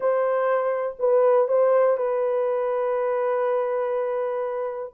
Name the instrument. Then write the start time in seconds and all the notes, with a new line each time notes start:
horn
0.00 C5
0.99 B4
1.48 C5
1.97 B4